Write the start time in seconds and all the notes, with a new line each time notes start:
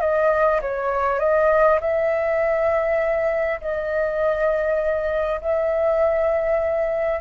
0.00 D#5
0.61 C#5
1.19 D#5
1.80 E5
3.61 D#5
5.41 E5